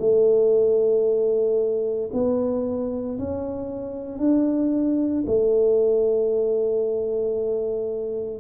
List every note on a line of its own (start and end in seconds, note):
0.00 2.11 A3
2.13 3.19 B3
3.19 4.19 C#4
4.19 5.24 D4
5.27 8.40 A3